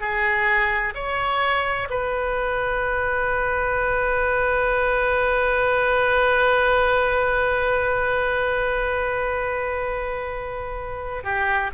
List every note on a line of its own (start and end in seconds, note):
0.00 0.94 G#4
0.94 1.88 C#5
1.90 11.23 B4
11.23 11.70 G4